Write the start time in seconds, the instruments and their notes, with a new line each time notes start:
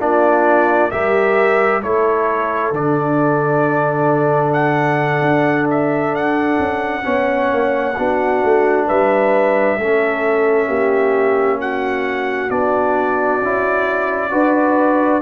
0.00 tuba A#3, trombone D4, horn F4, trumpet D5
0.91 tuba G3, trombone G4, horn A#4, trumpet E5
1.83 tuba A3, trombone E4, horn A4, trumpet C#5
2.72 tuba D3, trombone D4, trumpet D5
4.53 trumpet F#5
5.21 tuba D4
5.71 trumpet E5
6.15 trumpet F#5
6.59 tuba C#4
7.03 tuba B3, trombone C#4, horn C#5
7.52 tuba A#3
7.97 tuba B3, trombone D4, horn F#4
8.44 tuba A3
8.87 tuba G3, horn B4, trumpet E5
9.77 tuba A3, trombone C#4, horn A4
10.68 tuba A#3, horn G4
11.61 horn F#4, trumpet F#5
12.50 tuba B3, trombone D4, trumpet D5
13.41 tuba C#4, trombone E4
14.30 tuba D4, trombone F#4, horn B4